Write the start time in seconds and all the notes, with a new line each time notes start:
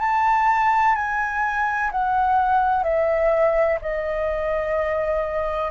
0.00 A5
0.96 G#5
1.91 F#5
2.84 E5
3.82 D#5